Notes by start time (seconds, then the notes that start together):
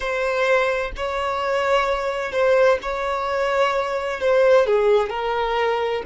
0.00 C5
0.96 C#5
2.32 C5
2.82 C#5
4.20 C5
4.66 G#4
5.09 A#4